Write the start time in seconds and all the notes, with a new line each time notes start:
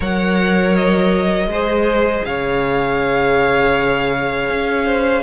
0.00 F#3 A#4 C#5 F#5
0.75 D#5
1.46 G#3 G#4 C5
2.25 C#3 C#5 F5
4.49 C#4
4.85 C5